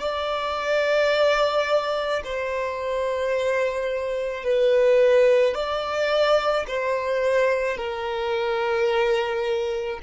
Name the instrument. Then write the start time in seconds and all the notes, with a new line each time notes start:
violin
0.00 D5
2.24 C5
4.44 B4
5.55 D5
6.68 C5
7.77 A#4